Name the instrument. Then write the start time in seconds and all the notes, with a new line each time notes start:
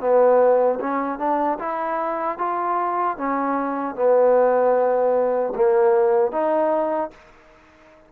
trombone
0.00 B3
0.80 C#4
1.19 D4
1.59 E4
2.38 F4
3.17 C#4
3.95 B3
5.56 A#3
6.32 D#4